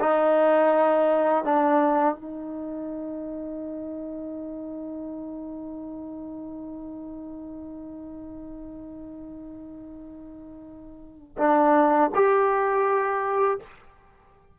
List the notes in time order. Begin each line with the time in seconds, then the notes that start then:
0.00 D#4
1.45 D4
2.15 D#4
11.38 D4
12.15 G4